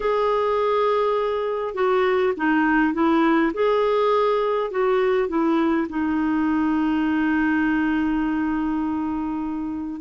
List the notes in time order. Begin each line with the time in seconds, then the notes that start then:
0.00 G#4
1.74 F#4
2.37 D#4
2.93 E4
3.53 G#4
4.71 F#4
5.28 E4
5.89 D#4